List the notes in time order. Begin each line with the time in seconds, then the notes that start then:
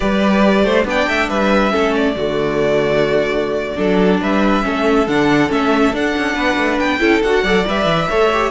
0.00 G3 G4 B4 D5
0.63 A3 C5
0.84 B3 D4 D5 G5
1.07 A3 E5
1.29 G3 B4 E5
1.71 A3 C#4 A4
1.96 D5
2.16 D3 A3 F#4
3.76 F#3 D4 A4
4.21 G3 B4 E5
4.62 A3 C#4 A4
5.07 D3 D4 F#5
5.48 A3 C#4 E5
5.92 D4 F#5
6.17 C#4
6.34 B3 B4
6.56 A3
6.79 B3 G5
6.99 C#4 E4 A4
7.23 D4 F#4 F#5
7.43 F#3 A4 D5
7.66 G3 B4 E5
7.85 E3
8.08 A3 A4 C#5
8.33 G4